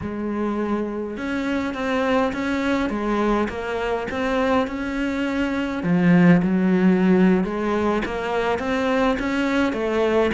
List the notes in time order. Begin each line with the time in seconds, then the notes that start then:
0.01 G#3
1.17 C#4
1.74 C4
2.32 C#4
2.89 G#3
3.48 A#3
4.10 C4
4.67 C#4
5.83 F3
6.42 F#3
7.44 G#3
8.05 A#3
8.58 C4
9.19 C#4
9.73 A3